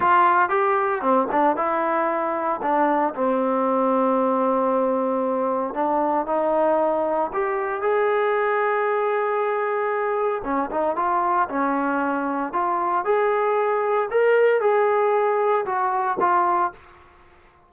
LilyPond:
\new Staff \with { instrumentName = "trombone" } { \time 4/4 \tempo 4 = 115 f'4 g'4 c'8 d'8 e'4~ | e'4 d'4 c'2~ | c'2. d'4 | dis'2 g'4 gis'4~ |
gis'1 | cis'8 dis'8 f'4 cis'2 | f'4 gis'2 ais'4 | gis'2 fis'4 f'4 | }